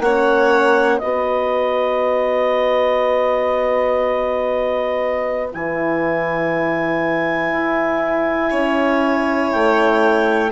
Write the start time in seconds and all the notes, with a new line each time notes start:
0.00 A#3 C#4 C#5 F#5
0.99 B3 F#4 B4 D#5
5.53 E3 E4 G#5
7.53 E4
8.51 C#4 C#5
9.52 A3 G5